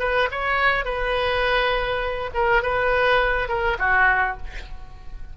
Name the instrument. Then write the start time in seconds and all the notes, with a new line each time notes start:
oboe
0.00 B4
0.32 C#5
0.85 B4
2.35 A#4
2.63 B4
3.49 A#4
3.79 F#4